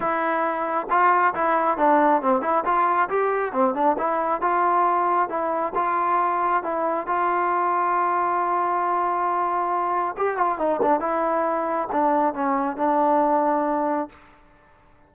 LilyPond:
\new Staff \with { instrumentName = "trombone" } { \time 4/4 \tempo 4 = 136 e'2 f'4 e'4 | d'4 c'8 e'8 f'4 g'4 | c'8 d'8 e'4 f'2 | e'4 f'2 e'4 |
f'1~ | f'2. g'8 f'8 | dis'8 d'8 e'2 d'4 | cis'4 d'2. | }